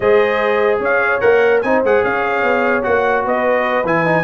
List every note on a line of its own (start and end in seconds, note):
0.00 0.79 G#3
0.00 1.20 G#4
0.00 0.80 C5
0.00 0.79 D#5
0.79 1.20 C#4
0.79 1.61 C#5
0.79 1.20 F5
1.20 1.63 A#3
1.20 1.61 A#4
1.20 1.60 F#5
1.61 1.83 C4
1.61 1.84 D#4
1.61 2.05 C5
1.61 1.82 G#5
1.83 2.03 G#3
1.83 2.82 G#4
1.83 2.04 F#5
2.03 2.42 C#4
2.03 3.25 C#5
2.03 2.83 F5
2.42 2.83 B3
2.82 3.25 A#3
2.82 3.84 F#4
2.82 3.24 F#5
3.25 3.84 B3
3.25 4.23 B4
3.25 3.86 D#5
3.84 4.23 E3
3.84 4.06 E4
3.84 4.23 G#5
4.06 4.23 D#4